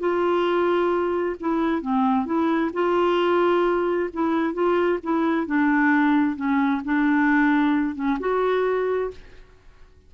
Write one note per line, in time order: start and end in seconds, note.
0.00 1.36 F4
1.40 1.82 E4
1.82 2.26 C4
2.26 2.71 E4
2.74 4.10 F4
4.14 4.54 E4
4.54 4.99 F4
5.04 5.47 E4
5.47 6.37 D4
6.37 6.82 C#4
6.85 7.96 D4
7.96 8.18 C#4
8.20 9.11 F#4